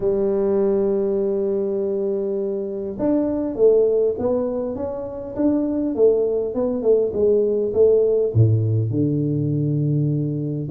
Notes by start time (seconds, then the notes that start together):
0.00 G3
2.98 D4
3.55 A3
4.18 B3
4.75 C#4
5.35 D4
5.95 A3
6.54 B3
6.82 A3
7.13 G#3
7.73 A3
8.33 A2
8.90 D3